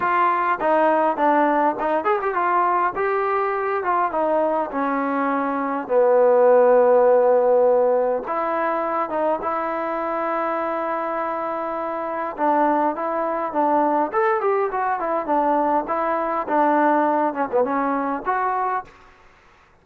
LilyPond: \new Staff \with { instrumentName = "trombone" } { \time 4/4 \tempo 4 = 102 f'4 dis'4 d'4 dis'8 gis'16 g'16 | f'4 g'4. f'8 dis'4 | cis'2 b2~ | b2 e'4. dis'8 |
e'1~ | e'4 d'4 e'4 d'4 | a'8 g'8 fis'8 e'8 d'4 e'4 | d'4. cis'16 b16 cis'4 fis'4 | }